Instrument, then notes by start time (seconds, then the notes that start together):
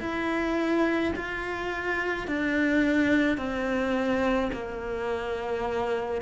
cello
0.00 E4
1.15 F4
2.27 D4
3.37 C4
4.52 A#3